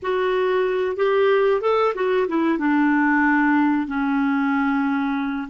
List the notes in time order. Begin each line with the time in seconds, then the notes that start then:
0.02 F#4
0.96 G4
1.61 A4
1.94 F#4
2.28 E4
2.58 D4
3.87 C#4